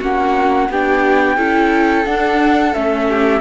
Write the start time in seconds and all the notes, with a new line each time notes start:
0.00 A#3 C#4 F#4 F#5
0.69 B3 D4 G4 G5
1.37 C#4 E4 A4
2.06 D4 F#5
2.74 A3 C#4 E5
3.09 G4